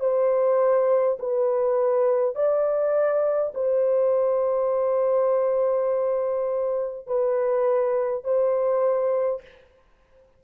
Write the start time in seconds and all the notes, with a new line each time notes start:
0.00 C5
1.19 B4
2.35 D5
3.55 C5
7.07 B4
8.24 C5